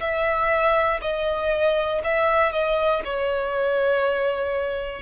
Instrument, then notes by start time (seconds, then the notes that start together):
violin
0.00 E5
1.01 D#5
2.04 E5
2.52 D#5
3.05 C#5